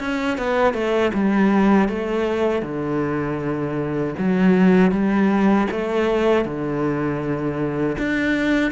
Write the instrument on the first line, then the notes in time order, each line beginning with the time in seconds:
cello
0.00 C#4
0.38 B3
0.74 A3
1.14 G3
1.89 A3
2.62 D3
4.18 F#3
4.92 G3
5.71 A3
6.45 D3
7.99 D4